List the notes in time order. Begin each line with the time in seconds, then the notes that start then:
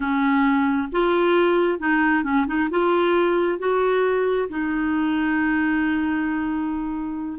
0.00 C#4
0.91 F4
1.79 D#4
2.23 C#4
2.46 D#4
2.70 F4
3.58 F#4
4.49 D#4